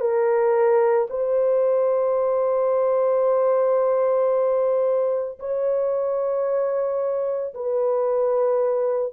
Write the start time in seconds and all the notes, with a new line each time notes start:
0.00 A#4
1.10 C5
5.39 C#5
7.54 B4